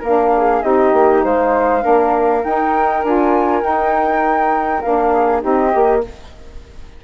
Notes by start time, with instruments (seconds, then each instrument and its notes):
0.00 bassoon A#3, saxophone D4, flute A#4 F5
0.37 flute G#4
0.62 bassoon C4, saxophone D#4, flute G4 D#5
0.93 bassoon A#3
1.25 bassoon G#3, flute C5 F5
1.82 bassoon A#3, saxophone D4, flute A#4
2.44 bassoon D#4, saxophone D#4, flute G5
3.04 bassoon D4, saxophone F4, flute G#5
3.62 saxophone D#4, bassoon D#4, flute G5
4.82 bassoon A#3, saxophone D4, flute F5
5.12 flute G#4
5.42 bassoon C4, saxophone D#4, flute G4 D#5
5.71 bassoon A#3, saxophone G4